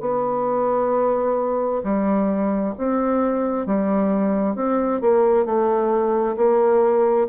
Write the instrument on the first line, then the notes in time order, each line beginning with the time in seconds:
bassoon
0.00 B3
1.83 G3
2.78 C4
3.66 G3
4.55 C4
5.01 A#3
5.45 A3
6.36 A#3